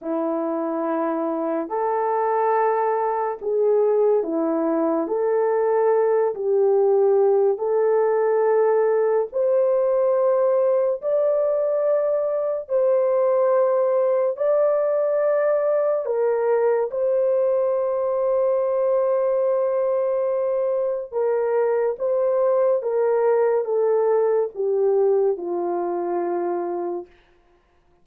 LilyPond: \new Staff \with { instrumentName = "horn" } { \time 4/4 \tempo 4 = 71 e'2 a'2 | gis'4 e'4 a'4. g'8~ | g'4 a'2 c''4~ | c''4 d''2 c''4~ |
c''4 d''2 ais'4 | c''1~ | c''4 ais'4 c''4 ais'4 | a'4 g'4 f'2 | }